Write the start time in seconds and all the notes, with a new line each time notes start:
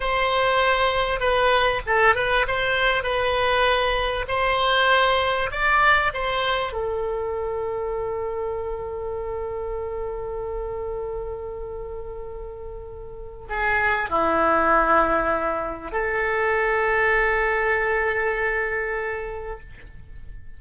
0.00 C5
1.20 B4
1.86 A4
2.15 B4
2.47 C5
3.03 B4
4.27 C5
5.51 D5
6.13 C5
6.72 A4
13.49 G#4
14.09 E4
15.92 A4